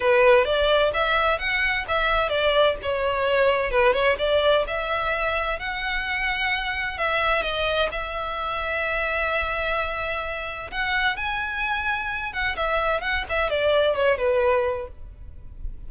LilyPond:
\new Staff \with { instrumentName = "violin" } { \time 4/4 \tempo 4 = 129 b'4 d''4 e''4 fis''4 | e''4 d''4 cis''2 | b'8 cis''8 d''4 e''2 | fis''2. e''4 |
dis''4 e''2.~ | e''2. fis''4 | gis''2~ gis''8 fis''8 e''4 | fis''8 e''8 d''4 cis''8 b'4. | }